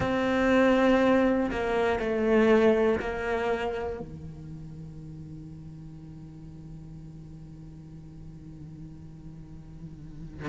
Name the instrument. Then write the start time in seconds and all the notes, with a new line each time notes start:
cello
0.00 C4
1.50 A#3
2.00 A3
3.00 A#3
4.00 D#3